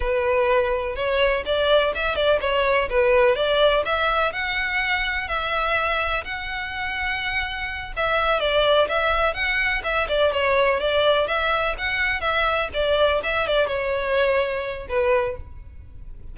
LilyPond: \new Staff \with { instrumentName = "violin" } { \time 4/4 \tempo 4 = 125 b'2 cis''4 d''4 | e''8 d''8 cis''4 b'4 d''4 | e''4 fis''2 e''4~ | e''4 fis''2.~ |
fis''8 e''4 d''4 e''4 fis''8~ | fis''8 e''8 d''8 cis''4 d''4 e''8~ | e''8 fis''4 e''4 d''4 e''8 | d''8 cis''2~ cis''8 b'4 | }